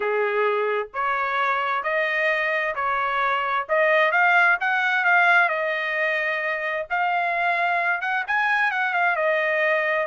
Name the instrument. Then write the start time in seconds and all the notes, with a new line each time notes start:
trumpet
0.00 G#4
0.93 C#5
1.83 D#5
2.75 C#5
3.68 D#5
4.11 F5
4.60 F#5
5.04 F5
5.48 D#5
6.90 F5
8.01 F#5
8.27 G#5
8.71 F#5
8.93 F5
9.15 D#5